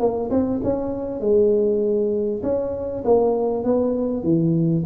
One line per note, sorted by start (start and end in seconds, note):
0.00 0.30 A#3
0.31 0.61 C4
0.64 1.21 C#4
1.21 2.42 G#3
2.43 3.04 C#4
3.05 3.64 A#3
3.64 4.23 B3
4.23 4.84 E3